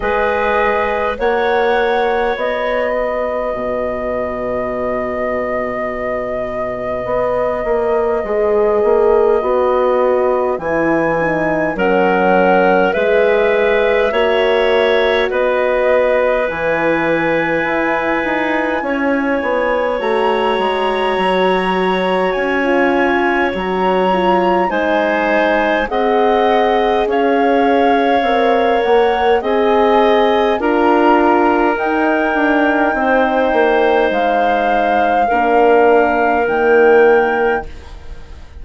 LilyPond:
<<
  \new Staff \with { instrumentName = "flute" } { \time 4/4 \tempo 4 = 51 dis''4 fis''4 dis''2~ | dis''1~ | dis''4 gis''4 fis''4 e''4~ | e''4 dis''4 gis''2~ |
gis''4 ais''2 gis''4 | ais''4 gis''4 fis''4 f''4~ | f''8 fis''8 gis''4 ais''4 g''4~ | g''4 f''2 g''4 | }
  \new Staff \with { instrumentName = "clarinet" } { \time 4/4 b'4 cis''4. b'4.~ | b'1~ | b'2 ais'4 b'4 | cis''4 b'2. |
cis''1~ | cis''4 c''4 dis''4 cis''4~ | cis''4 dis''4 ais'2 | c''2 ais'2 | }
  \new Staff \with { instrumentName = "horn" } { \time 4/4 gis'4 fis'2.~ | fis'2. gis'4 | fis'4 e'8 dis'8 cis'4 gis'4 | fis'2 e'2~ |
e'4 fis'2~ fis'16 f'8. | fis'8 f'8 dis'4 gis'2 | ais'4 gis'4 f'4 dis'4~ | dis'2 d'4 ais4 | }
  \new Staff \with { instrumentName = "bassoon" } { \time 4/4 gis4 ais4 b4 b,4~ | b,2 b8 ais8 gis8 ais8 | b4 e4 fis4 gis4 | ais4 b4 e4 e'8 dis'8 |
cis'8 b8 a8 gis8 fis4 cis'4 | fis4 gis4 c'4 cis'4 | c'8 ais8 c'4 d'4 dis'8 d'8 | c'8 ais8 gis4 ais4 dis4 | }
>>